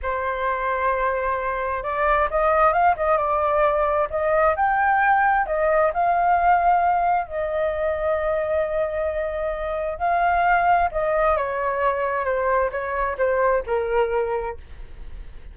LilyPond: \new Staff \with { instrumentName = "flute" } { \time 4/4 \tempo 4 = 132 c''1 | d''4 dis''4 f''8 dis''8 d''4~ | d''4 dis''4 g''2 | dis''4 f''2. |
dis''1~ | dis''2 f''2 | dis''4 cis''2 c''4 | cis''4 c''4 ais'2 | }